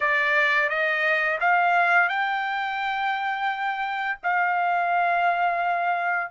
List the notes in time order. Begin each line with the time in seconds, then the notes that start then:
0.00 D5
0.68 D#5
1.40 F5
2.08 G5
4.23 F5